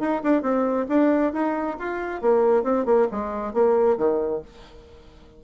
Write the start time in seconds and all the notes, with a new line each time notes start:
0.00 D#4
0.23 D4
0.42 C4
0.89 D4
1.33 D#4
1.79 F4
2.22 A#3
2.63 C4
2.86 A#3
3.11 G#3
3.53 A#3
3.98 D#3